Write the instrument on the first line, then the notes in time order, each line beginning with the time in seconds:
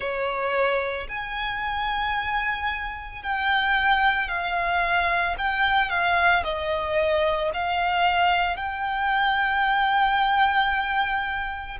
violin
0.00 C#5
1.08 G#5
3.22 G5
4.28 F5
5.38 G5
5.89 F5
6.43 D#5
7.53 F5
8.56 G5